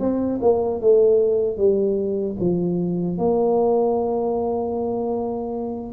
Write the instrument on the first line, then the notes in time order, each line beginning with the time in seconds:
tuba
0.00 C4
0.42 A#3
0.81 A3
1.58 G3
2.40 F3
3.18 A#3